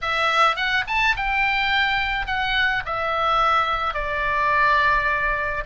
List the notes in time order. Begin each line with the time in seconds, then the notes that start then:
0.01 E5
0.55 F#5
0.87 A5
1.16 G5
2.26 F#5
2.85 E5
3.94 D5